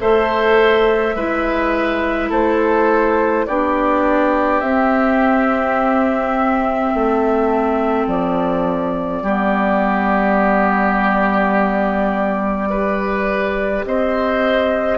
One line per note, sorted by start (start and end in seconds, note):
0.00 1.15 A3
0.00 1.15 A4
0.00 1.16 C5
0.00 2.32 E5
1.15 2.30 G#3
1.15 3.48 E4
1.15 2.30 B4
2.30 3.46 A3
2.30 3.45 A4
2.30 3.47 C5
3.47 4.62 B3
3.47 4.63 D4
3.47 6.94 G4
3.47 4.61 D5
4.61 6.92 C4
4.61 9.25 C4
4.61 8.07 E5
6.94 8.07 A3
6.94 9.23 A4
8.07 9.22 F3
8.07 13.85 D5
9.22 13.84 G3
9.22 12.70 B3
9.22 12.69 G4
12.70 14.98 G4
12.70 13.85 B4
13.85 14.98 C4
13.85 14.98 C5
13.85 14.98 D#5